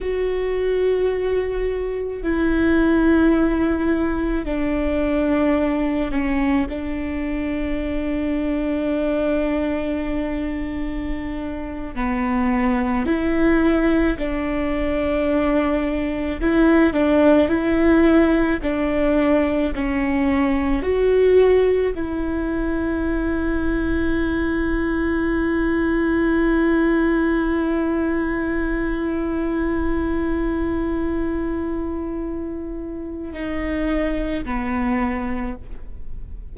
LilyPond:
\new Staff \with { instrumentName = "viola" } { \time 4/4 \tempo 4 = 54 fis'2 e'2 | d'4. cis'8 d'2~ | d'2~ d'8. b4 e'16~ | e'8. d'2 e'8 d'8 e'16~ |
e'8. d'4 cis'4 fis'4 e'16~ | e'1~ | e'1~ | e'2 dis'4 b4 | }